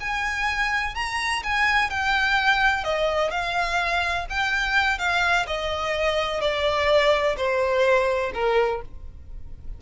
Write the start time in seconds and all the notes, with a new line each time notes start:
0.00 G#5
0.95 A#5
1.43 G#5
1.90 G5
2.84 D#5
3.31 F5
4.29 G5
4.98 F5
5.47 D#5
6.41 D5
7.37 C5
8.34 A#4